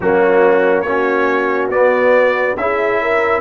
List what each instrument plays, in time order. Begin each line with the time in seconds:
0.00 tuba F#3, trombone A#3, horn C#4, trumpet F#4
0.81 tuba A#3, trombone C#4, horn F#4, trumpet C#5
1.69 tuba B3, trombone B3, trumpet D5
2.56 tuba C#4, trombone E4, horn G#4, trumpet E5
3.02 horn A#4